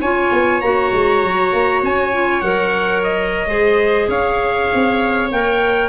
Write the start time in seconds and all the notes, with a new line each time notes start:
0.00 C#4 F4 C#5 G#5
0.32 B3
0.61 A#3 F#4 A#5
0.92 G#3
1.23 F#3
1.53 A#3
1.83 C#4 G#5
2.12 F4
2.41 F#3 A#4 F#5
3.03 D#5
3.47 G#3 G#4 C5
4.08 C#4 C#5 F5
4.74 C4
5.31 A#3 A#4 G5